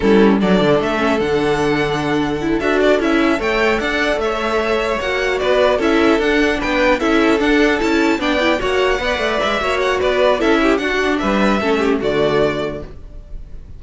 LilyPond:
<<
  \new Staff \with { instrumentName = "violin" } { \time 4/4 \tempo 4 = 150 a'4 d''4 e''4 fis''4~ | fis''2~ fis''8 e''8 d''8 e''8~ | e''8 g''4 fis''4 e''4.~ | e''8 fis''4 d''4 e''4 fis''8~ |
fis''8 g''4 e''4 fis''4 a''8~ | a''8 g''4 fis''2 e''8~ | e''8 fis''8 d''4 e''4 fis''4 | e''2 d''2 | }
  \new Staff \with { instrumentName = "violin" } { \time 4/4 e'4 a'2.~ | a'1~ | a'8 cis''4 d''4 cis''4.~ | cis''4. b'4 a'4.~ |
a'8 b'4 a'2~ a'8~ | a'8 d''4 cis''4 d''4. | cis''4 b'4 a'8 g'8 fis'4 | b'4 a'8 g'8 fis'2 | }
  \new Staff \with { instrumentName = "viola" } { \time 4/4 cis'4 d'4. cis'8 d'4~ | d'2 e'8 fis'4 e'8~ | e'8 a'2.~ a'8~ | a'8 fis'2 e'4 d'8~ |
d'4. e'4 d'4 e'8~ | e'8 d'8 e'8 fis'4 b'4. | fis'2 e'4 d'4~ | d'4 cis'4 a2 | }
  \new Staff \with { instrumentName = "cello" } { \time 4/4 g4 fis8 d8 a4 d4~ | d2~ d8 d'4 cis'8~ | cis'8 a4 d'4 a4.~ | a8 ais4 b4 cis'4 d'8~ |
d'8 b4 cis'4 d'4 cis'8~ | cis'8 b4 ais4 b8 a8 gis8 | ais4 b4 cis'4 d'4 | g4 a4 d2 | }
>>